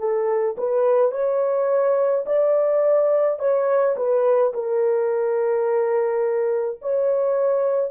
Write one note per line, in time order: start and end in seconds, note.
0.00 0.57 A4
0.58 1.12 B4
1.12 2.25 C#5
2.26 3.40 D5
3.40 3.96 C#5
3.97 4.53 B4
4.54 6.80 A#4
6.82 7.91 C#5